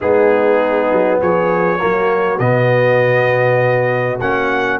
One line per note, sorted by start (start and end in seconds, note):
0.00 0.91 G#3
0.00 1.78 B3
0.00 1.19 D#4
0.00 1.20 G#4
0.91 1.21 F#3
1.19 1.81 F3
1.19 1.79 G#4
1.19 2.39 C#5
1.78 2.39 F#3
1.78 2.38 A#3
1.78 4.79 F#4
2.39 4.19 B2
2.39 4.19 B3
2.39 4.19 D#5
4.20 4.79 A#3
4.20 4.79 C#4
4.20 4.79 F#5